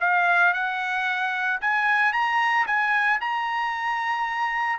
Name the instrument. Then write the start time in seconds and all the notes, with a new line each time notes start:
trumpet
0.00 F5
0.53 F#5
1.61 G#5
2.12 A#5
2.66 G#5
3.20 A#5